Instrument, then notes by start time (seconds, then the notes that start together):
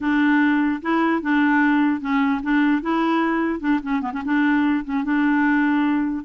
clarinet
0.00 D4
0.82 E4
1.22 D4
2.00 C#4
2.43 D4
2.82 E4
3.59 D4
3.83 C#4
4.01 B3
4.13 C#4
4.24 D4
4.84 C#4
5.04 D4